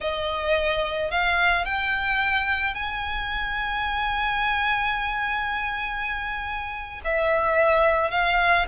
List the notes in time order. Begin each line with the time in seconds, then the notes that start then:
0.01 D#5
1.10 F5
1.65 G5
2.74 G#5
7.04 E5
8.10 F5